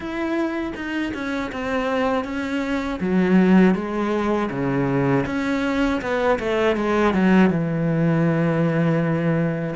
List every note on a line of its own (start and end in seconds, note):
0.00 0.73 E4
0.75 1.12 D#4
1.14 1.51 C#4
1.51 2.24 C4
2.24 2.99 C#4
3.00 3.74 F#3
3.74 4.49 G#3
4.50 5.25 C#3
5.26 6.01 C#4
6.01 6.39 B3
6.39 6.76 A3
6.76 7.14 G#3
7.14 7.50 F#3
7.50 9.75 E3